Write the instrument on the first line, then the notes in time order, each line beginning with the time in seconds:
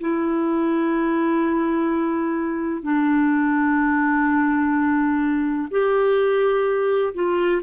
clarinet
0.00 E4
2.83 D4
5.71 G4
7.14 F4